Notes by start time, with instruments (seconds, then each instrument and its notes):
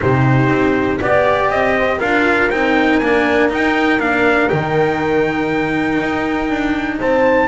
0.00 double bass C3, cello D#4, horn G4, trumpet C5
0.48 double bass C4
1.00 double bass B3, cello G4, horn D5, trumpet D5
1.50 double bass C4, trumpet D#5
1.78 horn C5
1.98 double bass D4, cello F4, horn A#4, trumpet F5
2.50 double bass C4, cello D#4, trumpet G5
2.99 double bass A#3, cello D4, trumpet G#5
3.49 cello D#4, double bass D#4, trumpet G5
4.00 double bass A#3, cello D4, trumpet F5
4.48 double bass D#3, cello D#4, trumpet G5
6.01 double bass D#4
6.49 double bass D4
6.99 double bass C4, horn C5, trumpet A5